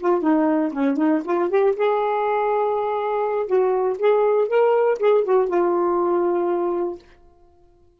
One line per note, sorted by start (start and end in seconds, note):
0.00 0.22 F4
0.22 0.72 D#4
0.72 0.97 C#4
0.97 1.22 D#4
1.25 1.50 F4
1.50 1.75 G4
1.76 3.47 G#4
3.47 3.97 F#4
3.99 4.48 G#4
4.48 4.98 A#4
4.99 5.24 G#4
5.24 5.48 F#4
5.48 6.98 F4